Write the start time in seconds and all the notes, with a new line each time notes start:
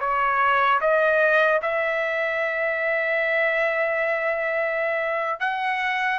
0.00 C#5
0.81 D#5
1.62 E5
5.40 F#5